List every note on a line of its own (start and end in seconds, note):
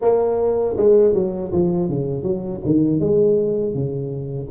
0.01 0.76 A#3
0.76 1.14 G#3
1.14 1.51 F#3
1.52 1.89 F3
1.89 2.23 C#3
2.23 2.60 F#3
2.65 3.00 D#3
3.00 3.73 G#3
3.73 4.48 C#3